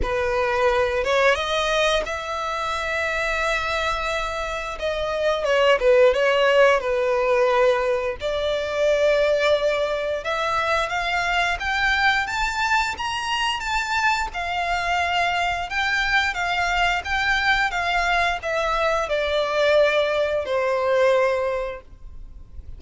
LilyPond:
\new Staff \with { instrumentName = "violin" } { \time 4/4 \tempo 4 = 88 b'4. cis''8 dis''4 e''4~ | e''2. dis''4 | cis''8 b'8 cis''4 b'2 | d''2. e''4 |
f''4 g''4 a''4 ais''4 | a''4 f''2 g''4 | f''4 g''4 f''4 e''4 | d''2 c''2 | }